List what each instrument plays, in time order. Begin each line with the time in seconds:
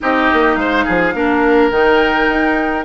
0.00 bassoon C4, clarinet D#4, oboe G4, flute D#5
0.32 bassoon A#3
0.55 bassoon G#3, oboe C5, flute F5
0.85 bassoon F3, oboe G#4
1.14 bassoon A#3, clarinet D4, oboe A#4
1.70 bassoon D#3, clarinet D#4, flute G5
2.28 bassoon D#4